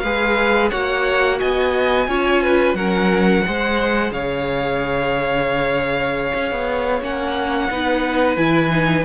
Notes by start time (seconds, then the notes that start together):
0.00 G#3 G#4 B4 F5
0.71 A#3 F#4 C#5 F#5
1.40 B3 D#5 G#5
2.08 C#4 F4 C#5
2.43 B4
2.74 F#3 C#4 A#4 F#5
3.45 G#3 G#4 C5
4.12 C#3 C#5 F5
6.34 C#4
6.51 B3
7.02 A#3 C#4 F#5
7.71 B3 D#4 B4
8.37 E3 E4 G#5
8.70 D#4